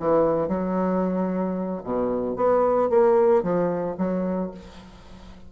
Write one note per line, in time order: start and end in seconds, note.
0.00 0.48 E3
0.48 1.82 F#3
1.84 2.37 B2
2.37 2.90 B3
2.90 3.43 A#3
3.43 3.97 F3
3.98 4.51 F#3